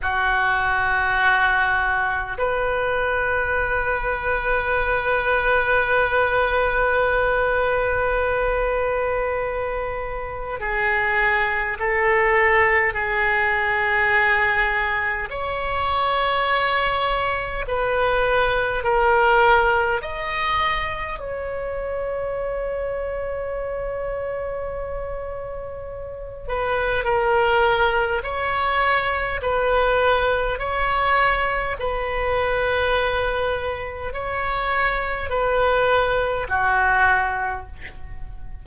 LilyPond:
\new Staff \with { instrumentName = "oboe" } { \time 4/4 \tempo 4 = 51 fis'2 b'2~ | b'1~ | b'4 gis'4 a'4 gis'4~ | gis'4 cis''2 b'4 |
ais'4 dis''4 cis''2~ | cis''2~ cis''8 b'8 ais'4 | cis''4 b'4 cis''4 b'4~ | b'4 cis''4 b'4 fis'4 | }